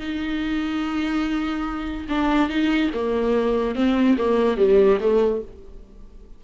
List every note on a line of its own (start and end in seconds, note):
0.00 2.07 D#4
2.09 2.49 D4
2.49 2.90 D#4
2.94 3.75 A#3
3.75 4.17 C4
4.18 4.57 A#3
4.57 4.98 G3
5.00 5.42 A3